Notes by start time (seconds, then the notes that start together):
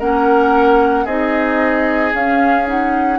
0.00 A#3 C#4 A#4 F#5
1.05 C4 D#4 G#4 D#5
2.13 C#4 F5
2.66 D#4 F#5